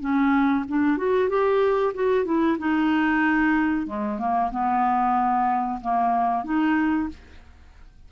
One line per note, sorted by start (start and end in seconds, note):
0.00 0.65 C#4
0.68 0.97 D4
0.97 1.29 F#4
1.29 1.93 G4
1.94 2.25 F#4
2.25 2.57 E4
2.58 3.87 D#4
3.87 4.18 G#3
4.18 4.50 A#3
4.51 5.80 B3
5.81 6.44 A#3
6.44 7.09 D#4